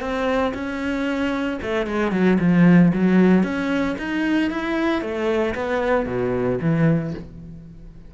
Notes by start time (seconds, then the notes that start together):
0.00 C4
0.54 C#4
1.62 A3
1.86 G#3
2.11 F#3
2.39 F3
2.93 F#3
3.43 C#4
3.98 D#4
4.50 E4
5.01 A3
5.54 B3
6.06 B2
6.61 E3